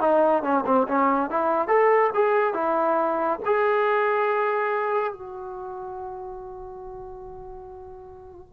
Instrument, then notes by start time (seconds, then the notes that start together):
trombone
0.00 D#4
0.42 C#4
0.65 C4
0.87 C#4
1.30 E4
1.68 A4
2.14 G#4
2.53 E4
3.45 G#4
5.13 F#4